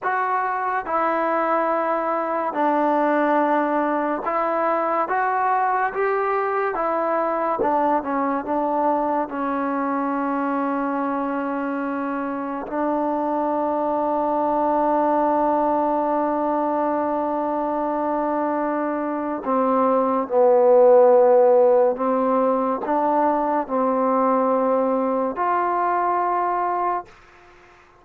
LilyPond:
\new Staff \with { instrumentName = "trombone" } { \time 4/4 \tempo 4 = 71 fis'4 e'2 d'4~ | d'4 e'4 fis'4 g'4 | e'4 d'8 cis'8 d'4 cis'4~ | cis'2. d'4~ |
d'1~ | d'2. c'4 | b2 c'4 d'4 | c'2 f'2 | }